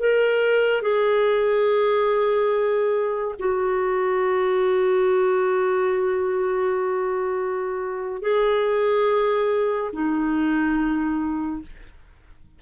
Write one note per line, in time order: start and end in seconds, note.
0.00 0.82 A#4
0.82 3.36 G#4
3.39 8.22 F#4
8.22 9.91 G#4
9.93 11.62 D#4